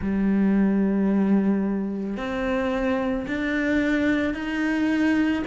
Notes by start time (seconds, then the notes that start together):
0.01 G3
2.16 C4
3.27 D4
4.33 D#4